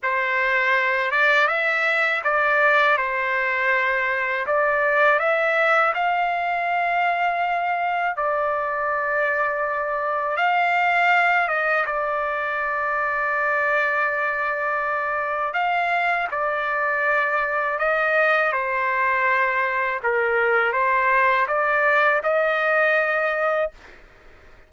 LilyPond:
\new Staff \with { instrumentName = "trumpet" } { \time 4/4 \tempo 4 = 81 c''4. d''8 e''4 d''4 | c''2 d''4 e''4 | f''2. d''4~ | d''2 f''4. dis''8 |
d''1~ | d''4 f''4 d''2 | dis''4 c''2 ais'4 | c''4 d''4 dis''2 | }